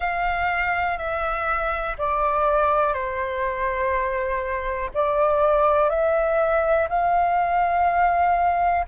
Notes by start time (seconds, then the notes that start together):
0.00 F5
0.98 E5
1.98 D5
2.93 C5
4.94 D5
5.89 E5
6.89 F5